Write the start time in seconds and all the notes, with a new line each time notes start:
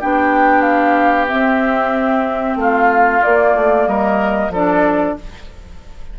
0.00 B3 D4 G4 G5
0.62 F5
1.28 C4 E5
2.56 A3 F4 F5
3.23 A#3 D5
3.55 A3
3.87 G3 A#4 D#5
4.50 F3 D4 A4 D5